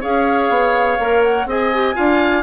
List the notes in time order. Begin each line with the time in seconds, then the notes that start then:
0.00 C#4 G#4 C#5 F5
0.49 B3
0.99 A#3 A#4
1.23 F#5
1.45 C4 G#4 D#5 G#5
1.73 G4
1.93 D4 F4 F5